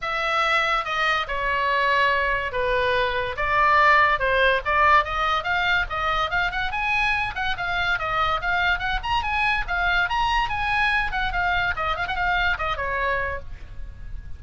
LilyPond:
\new Staff \with { instrumentName = "oboe" } { \time 4/4 \tempo 4 = 143 e''2 dis''4 cis''4~ | cis''2 b'2 | d''2 c''4 d''4 | dis''4 f''4 dis''4 f''8 fis''8 |
gis''4. fis''8 f''4 dis''4 | f''4 fis''8 ais''8 gis''4 f''4 | ais''4 gis''4. fis''8 f''4 | dis''8 f''16 fis''16 f''4 dis''8 cis''4. | }